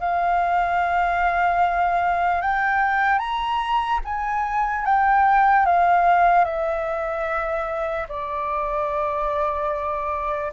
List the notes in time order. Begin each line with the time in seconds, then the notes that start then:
0.00 F5
2.41 G5
3.19 A#5
4.05 G#5
4.85 G5
5.66 F5
6.45 E5
8.09 D5